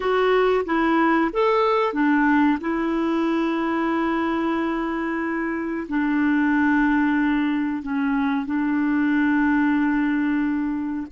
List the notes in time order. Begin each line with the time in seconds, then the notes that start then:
0.00 F#4
0.65 E4
1.32 A4
1.93 D4
2.61 E4
5.89 D4
7.82 C#4
8.45 D4